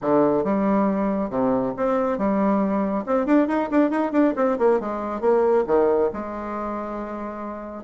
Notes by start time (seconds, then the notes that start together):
0.01 D3
0.43 G3
1.30 C3
1.76 C4
2.17 G3
3.06 C4
3.26 D4
3.47 D#4
3.70 D4
3.90 D#4
4.12 D4
4.36 C4
4.58 A#3
4.80 G#3
5.21 A#3
5.66 D#3
6.13 G#3